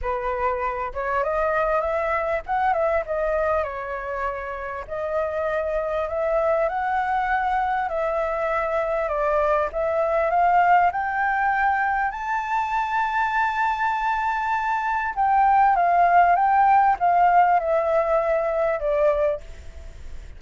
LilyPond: \new Staff \with { instrumentName = "flute" } { \time 4/4 \tempo 4 = 99 b'4. cis''8 dis''4 e''4 | fis''8 e''8 dis''4 cis''2 | dis''2 e''4 fis''4~ | fis''4 e''2 d''4 |
e''4 f''4 g''2 | a''1~ | a''4 g''4 f''4 g''4 | f''4 e''2 d''4 | }